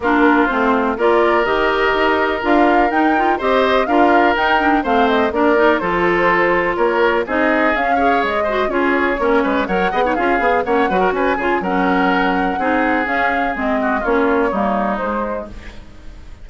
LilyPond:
<<
  \new Staff \with { instrumentName = "flute" } { \time 4/4 \tempo 4 = 124 ais'4 c''4 d''4 dis''4~ | dis''4 f''4 g''4 dis''4 | f''4 g''4 f''8 dis''8 d''4 | c''2 cis''4 dis''4 |
f''4 dis''4 cis''2 | fis''4 f''4 fis''4 gis''4 | fis''2. f''4 | dis''4 cis''2 c''4 | }
  \new Staff \with { instrumentName = "oboe" } { \time 4/4 f'2 ais'2~ | ais'2. c''4 | ais'2 c''4 ais'4 | a'2 ais'4 gis'4~ |
gis'8 cis''4 c''8 gis'4 ais'8 b'8 | cis''8 dis''16 cis''16 gis'4 cis''8 b'16 ais'16 b'8 gis'8 | ais'2 gis'2~ | gis'8 fis'8 f'4 dis'2 | }
  \new Staff \with { instrumentName = "clarinet" } { \time 4/4 d'4 c'4 f'4 g'4~ | g'4 f'4 dis'8 f'8 g'4 | f'4 dis'8 d'8 c'4 d'8 dis'8 | f'2. dis'4 |
cis'8 gis'4 fis'8 f'4 cis'4 | ais'8 gis'16 dis'16 f'8 gis'8 cis'8 fis'4 f'8 | cis'2 dis'4 cis'4 | c'4 cis'4 ais4 gis4 | }
  \new Staff \with { instrumentName = "bassoon" } { \time 4/4 ais4 a4 ais4 dis4 | dis'4 d'4 dis'4 c'4 | d'4 dis'4 a4 ais4 | f2 ais4 c'4 |
cis'4 gis4 cis'4 ais8 gis8 | fis8 b8 cis'8 b8 ais8 fis8 cis'8 cis8 | fis2 c'4 cis'4 | gis4 ais4 g4 gis4 | }
>>